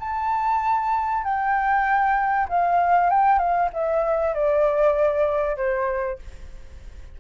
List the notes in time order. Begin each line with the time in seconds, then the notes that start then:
0.00 A5
1.24 G5
2.49 F5
3.10 G5
3.39 F5
3.73 E5
4.34 D5
5.57 C5